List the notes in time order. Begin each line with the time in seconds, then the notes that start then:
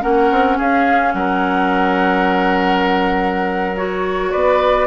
0.00 A#3 C#4 A#4 F#5
0.31 C4
0.58 C#4 G#4 F5
1.14 F#3 A#4 F#5
3.77 F#4 C#5
4.32 B3 B4 D5